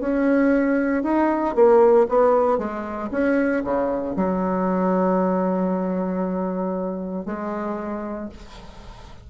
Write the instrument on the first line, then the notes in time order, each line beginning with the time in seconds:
bassoon
0.00 C#4
1.03 D#4
1.55 A#3
2.09 B3
2.58 G#3
3.12 C#4
3.64 C#3
4.16 F#3
7.26 G#3